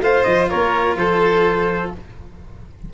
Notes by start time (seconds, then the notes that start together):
0.00 A3 F4 C5 F5
0.23 F3 D#5
0.49 A#3 A#4 C#5
0.96 F3 A4 C5